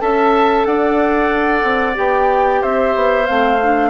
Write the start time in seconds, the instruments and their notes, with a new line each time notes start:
0.00 bassoon C#4, clarinet A4, oboe E5, flute A5
0.66 bassoon D4, oboe D5, flute F#5
1.64 bassoon C4
1.95 bassoon B3, clarinet G4, flute G5
2.62 bassoon C4, oboe C5, flute E5
2.96 bassoon B3
3.26 bassoon A3, clarinet C4, flute F5
3.63 clarinet D4